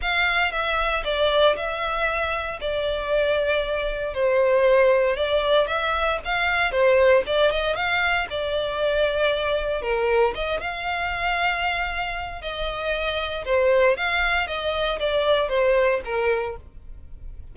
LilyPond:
\new Staff \with { instrumentName = "violin" } { \time 4/4 \tempo 4 = 116 f''4 e''4 d''4 e''4~ | e''4 d''2. | c''2 d''4 e''4 | f''4 c''4 d''8 dis''8 f''4 |
d''2. ais'4 | dis''8 f''2.~ f''8 | dis''2 c''4 f''4 | dis''4 d''4 c''4 ais'4 | }